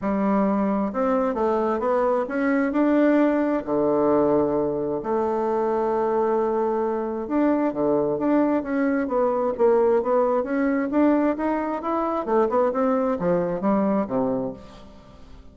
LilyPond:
\new Staff \with { instrumentName = "bassoon" } { \time 4/4 \tempo 4 = 132 g2 c'4 a4 | b4 cis'4 d'2 | d2. a4~ | a1 |
d'4 d4 d'4 cis'4 | b4 ais4 b4 cis'4 | d'4 dis'4 e'4 a8 b8 | c'4 f4 g4 c4 | }